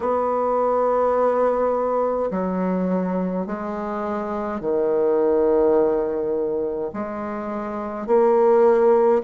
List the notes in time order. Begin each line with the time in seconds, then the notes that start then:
0.00 B3
2.31 F#3
3.46 G#3
4.60 D#3
6.93 G#3
8.06 A#3